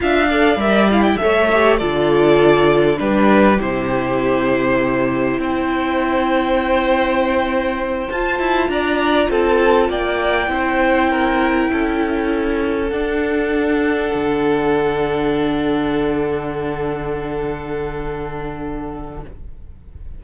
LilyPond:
<<
  \new Staff \with { instrumentName = "violin" } { \time 4/4 \tempo 4 = 100 f''4 e''8 f''16 g''16 e''4 d''4~ | d''4 b'4 c''2~ | c''4 g''2.~ | g''4. a''4 ais''4 a''8~ |
a''8 g''2.~ g''8~ | g''4. fis''2~ fis''8~ | fis''1~ | fis''1 | }
  \new Staff \with { instrumentName = "violin" } { \time 4/4 e''8 d''4. cis''4 a'4~ | a'4 g'2.~ | g'4 c''2.~ | c''2~ c''8 d''4 a'8~ |
a'8 d''4 c''4 ais'4 a'8~ | a'1~ | a'1~ | a'1 | }
  \new Staff \with { instrumentName = "viola" } { \time 4/4 f'8 a'8 ais'8 e'8 a'8 g'8 f'4~ | f'4 d'4 e'2~ | e'1~ | e'4. f'2~ f'8~ |
f'4. e'2~ e'8~ | e'4. d'2~ d'8~ | d'1~ | d'1 | }
  \new Staff \with { instrumentName = "cello" } { \time 4/4 d'4 g4 a4 d4~ | d4 g4 c2~ | c4 c'2.~ | c'4. f'8 e'8 d'4 c'8~ |
c'8 ais4 c'2 cis'8~ | cis'4. d'2 d8~ | d1~ | d1 | }
>>